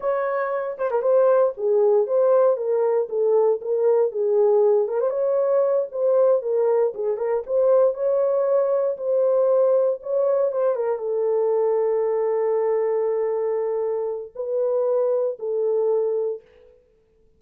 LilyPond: \new Staff \with { instrumentName = "horn" } { \time 4/4 \tempo 4 = 117 cis''4. c''16 ais'16 c''4 gis'4 | c''4 ais'4 a'4 ais'4 | gis'4. ais'16 c''16 cis''4. c''8~ | c''8 ais'4 gis'8 ais'8 c''4 cis''8~ |
cis''4. c''2 cis''8~ | cis''8 c''8 ais'8 a'2~ a'8~ | a'1 | b'2 a'2 | }